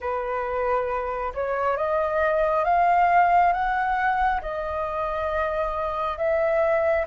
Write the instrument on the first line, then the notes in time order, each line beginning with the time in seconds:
flute
0.00 B4
1.34 C#5
1.76 D#5
2.64 F5
3.52 F#5
4.41 D#5
6.17 E5